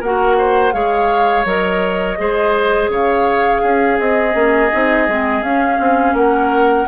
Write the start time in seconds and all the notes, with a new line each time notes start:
0.00 A#3 F#4 A#4 F#5
0.38 C5
0.72 G#3 G#4 C#5 F5
1.45 F#3 A#4 D#5
2.18 G#3 G#4 C5
2.89 C#3 C#5 F5
3.62 C#4 G#4
4.00 C4 D#5
4.33 A#3 C#4
4.72 C4 D#4
5.08 G#3 C4
5.42 C#4 F5
5.80 C4
6.13 A#3 A#4 F#5